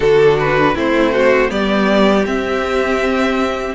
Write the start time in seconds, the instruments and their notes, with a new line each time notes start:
0.00 cello D3, viola D4, violin F#4 A4
0.39 violin B4
0.74 cello A3, viola C4, violin E4 C5
1.12 violin F#4
1.49 cello G3, viola B3, violin G4 D5
2.26 cello C4, viola C4, violin E5